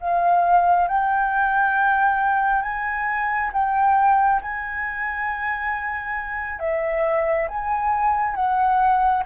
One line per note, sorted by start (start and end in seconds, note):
0.00 0.87 F5
0.87 2.62 G5
2.62 3.51 G#5
3.53 4.41 G5
4.42 6.59 G#5
6.59 7.48 E5
7.48 8.35 G#5
8.35 9.23 F#5